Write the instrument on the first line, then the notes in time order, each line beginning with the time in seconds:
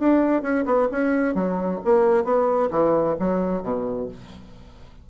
bassoon
0.00 D4
0.43 C#4
0.66 B3
0.92 C#4
1.35 F#3
1.85 A#3
2.25 B3
2.71 E3
3.20 F#3
3.63 B2